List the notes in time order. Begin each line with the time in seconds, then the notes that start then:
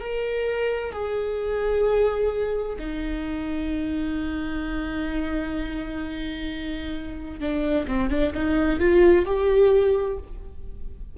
0.00 A#4
0.92 G#4
2.79 D#4
7.40 D4
7.87 C4
8.10 D4
8.34 D#4
8.79 F4
9.26 G4